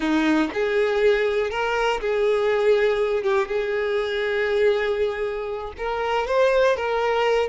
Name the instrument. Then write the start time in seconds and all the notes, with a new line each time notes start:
violin
0.00 D#4
0.53 G#4
1.50 A#4
2.00 G#4
3.22 G4
3.47 G#4
5.77 A#4
6.27 C5
6.76 A#4